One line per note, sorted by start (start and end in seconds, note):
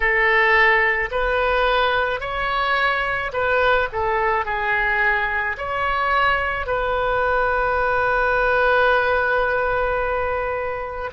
0.00 1.09 A4
1.11 2.20 B4
2.20 3.31 C#5
3.32 3.88 B4
3.92 4.45 A4
4.45 5.56 G#4
5.57 6.66 C#5
6.66 11.11 B4